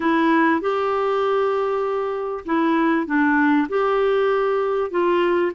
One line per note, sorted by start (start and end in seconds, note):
0.00 0.60 E4
0.60 2.44 G4
2.45 3.06 E4
3.06 3.67 D4
3.68 4.91 G4
4.91 5.52 F4